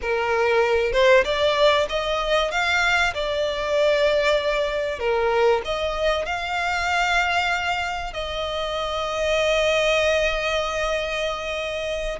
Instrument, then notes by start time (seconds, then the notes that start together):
violin
0.01 A#4
0.92 C5
1.24 D5
1.89 D#5
2.51 F5
3.14 D5
4.99 A#4
5.64 D#5
6.25 F5
8.12 D#5